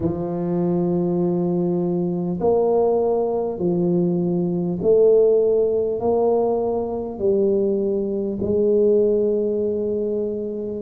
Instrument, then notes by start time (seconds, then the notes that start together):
tuba
0.00 F3
2.40 A#3
3.58 F3
4.82 A3
6.00 A#3
7.18 G3
8.42 G#3